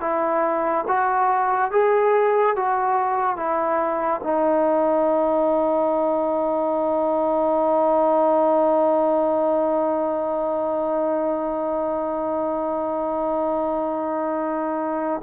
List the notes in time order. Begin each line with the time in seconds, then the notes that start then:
0.00 E4
0.87 F#4
1.71 G#4
2.56 F#4
3.36 E4
4.23 D#4